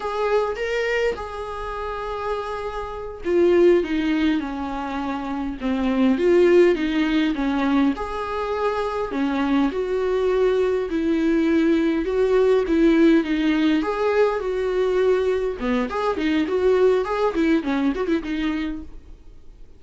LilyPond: \new Staff \with { instrumentName = "viola" } { \time 4/4 \tempo 4 = 102 gis'4 ais'4 gis'2~ | gis'4. f'4 dis'4 cis'8~ | cis'4. c'4 f'4 dis'8~ | dis'8 cis'4 gis'2 cis'8~ |
cis'8 fis'2 e'4.~ | e'8 fis'4 e'4 dis'4 gis'8~ | gis'8 fis'2 b8 gis'8 dis'8 | fis'4 gis'8 e'8 cis'8 fis'16 e'16 dis'4 | }